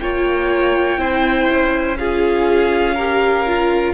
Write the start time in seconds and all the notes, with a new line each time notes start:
0.00 A#3 F4 C#5 G5
0.98 C4 E4 C5
1.50 C#4
1.98 F4 G#4 F5
2.95 G4 A#4
3.47 F4